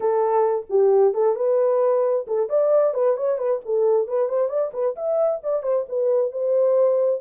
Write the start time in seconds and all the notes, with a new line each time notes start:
0.00 A4
0.69 G4
1.14 A4
1.35 B4
2.27 A4
2.49 D5
2.94 B4
3.16 C#5
3.37 B4
3.65 A4
4.07 B4
4.29 C5
4.48 D5
4.73 B4
4.95 E5
5.43 D5
5.62 C5
5.88 B4
6.31 C5